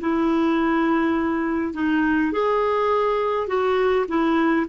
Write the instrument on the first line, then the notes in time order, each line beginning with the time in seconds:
clarinet
0.00 E4
1.73 D#4
2.32 G#4
3.47 F#4
4.08 E4